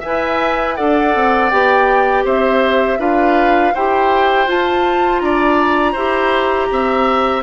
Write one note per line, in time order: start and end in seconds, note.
0.00 0.78 B4
0.00 0.74 E5
0.00 0.76 G#5
0.06 0.80 E4
0.76 1.15 D4
0.76 1.52 A4
0.76 2.24 D5
0.76 1.50 F#5
1.15 1.52 C4
1.50 2.25 B3
1.50 2.99 G4
1.50 2.24 G5
2.24 2.98 C4
2.24 2.98 C5
2.24 3.01 E5
2.98 3.73 D4
2.98 3.73 F4
2.98 3.74 B4
2.98 3.75 F5
3.74 4.48 E4
3.74 4.48 G4
3.74 5.22 C5
3.74 4.49 G5
4.48 5.21 F4
4.48 5.96 F4
4.48 5.20 A5
5.20 5.95 D4
5.20 5.93 D5
5.20 7.42 A#5
5.93 6.69 E4
5.93 7.43 G4
5.93 6.67 C5
6.71 7.43 C4
6.71 7.43 E5